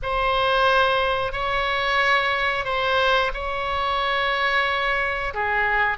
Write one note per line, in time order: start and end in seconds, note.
0.02 1.32 C5
1.32 2.65 C#5
2.65 3.31 C5
3.33 5.33 C#5
5.34 5.97 G#4